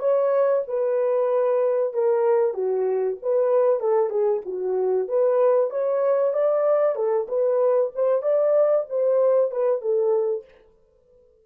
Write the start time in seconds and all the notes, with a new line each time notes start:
0.00 C#5
0.68 B4
1.94 A#4
2.54 F#4
3.23 B4
3.80 A4
4.10 G#4
4.46 F#4
5.09 B4
5.71 C#5
6.34 D5
6.96 A4
7.29 B4
7.96 C5
8.22 D5
8.90 C5
9.52 B4
9.82 A4